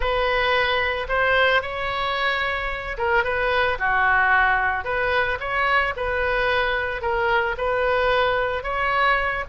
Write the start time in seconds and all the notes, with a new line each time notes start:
0.00 B4
1.08 C5
1.62 C#5
2.97 A#4
3.23 B4
3.78 F#4
4.84 B4
5.39 C#5
5.96 B4
7.01 A#4
7.57 B4
8.63 C#5